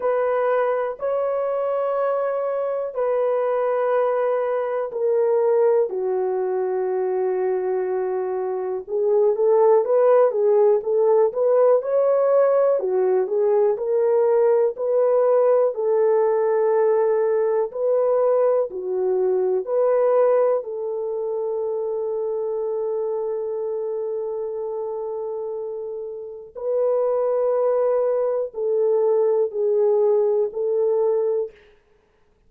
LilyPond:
\new Staff \with { instrumentName = "horn" } { \time 4/4 \tempo 4 = 61 b'4 cis''2 b'4~ | b'4 ais'4 fis'2~ | fis'4 gis'8 a'8 b'8 gis'8 a'8 b'8 | cis''4 fis'8 gis'8 ais'4 b'4 |
a'2 b'4 fis'4 | b'4 a'2.~ | a'2. b'4~ | b'4 a'4 gis'4 a'4 | }